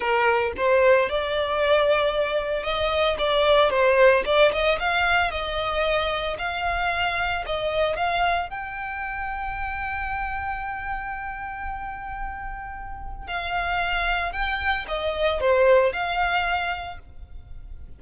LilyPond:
\new Staff \with { instrumentName = "violin" } { \time 4/4 \tempo 4 = 113 ais'4 c''4 d''2~ | d''4 dis''4 d''4 c''4 | d''8 dis''8 f''4 dis''2 | f''2 dis''4 f''4 |
g''1~ | g''1~ | g''4 f''2 g''4 | dis''4 c''4 f''2 | }